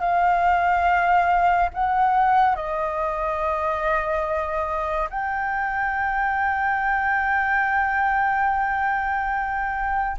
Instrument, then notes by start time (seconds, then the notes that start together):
flute
0.00 F5
1.74 F#5
2.55 D#5
5.09 G5